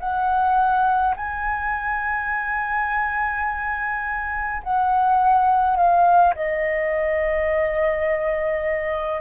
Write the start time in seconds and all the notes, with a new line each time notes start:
0.00 F#5
1.16 G#5
4.63 F#5
5.76 F5
6.36 D#5